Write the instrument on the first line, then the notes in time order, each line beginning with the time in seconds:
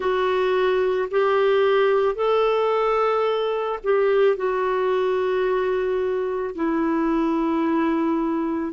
clarinet
0.00 F#4
1.10 G4
2.15 A4
3.83 G4
4.36 F#4
6.55 E4